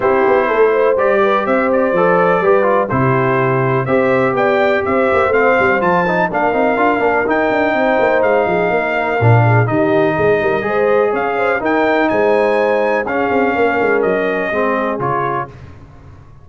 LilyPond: <<
  \new Staff \with { instrumentName = "trumpet" } { \time 4/4 \tempo 4 = 124 c''2 d''4 e''8 d''8~ | d''2 c''2 | e''4 g''4 e''4 f''4 | a''4 f''2 g''4~ |
g''4 f''2. | dis''2. f''4 | g''4 gis''2 f''4~ | f''4 dis''2 cis''4 | }
  \new Staff \with { instrumentName = "horn" } { \time 4/4 g'4 a'8 c''4 b'8 c''4~ | c''4 b'4 g'2 | c''4 d''4 c''2~ | c''4 ais'2. |
c''4. gis'8 ais'4. gis'8 | g'4 gis'8 ais'8 c''4 cis''8 c''8 | ais'4 c''2 gis'4 | ais'2 gis'2 | }
  \new Staff \with { instrumentName = "trombone" } { \time 4/4 e'2 g'2 | a'4 g'8 f'8 e'2 | g'2. c'4 | f'8 dis'8 d'8 dis'8 f'8 d'8 dis'4~ |
dis'2. d'4 | dis'2 gis'2 | dis'2. cis'4~ | cis'2 c'4 f'4 | }
  \new Staff \with { instrumentName = "tuba" } { \time 4/4 c'8 b8 a4 g4 c'4 | f4 g4 c2 | c'4 b4 c'8 ais8 a8 g8 | f4 ais8 c'8 d'8 ais8 dis'8 d'8 |
c'8 ais8 gis8 f8 ais4 ais,4 | dis4 gis8 g8 gis4 cis'4 | dis'4 gis2 cis'8 c'8 | ais8 gis8 fis4 gis4 cis4 | }
>>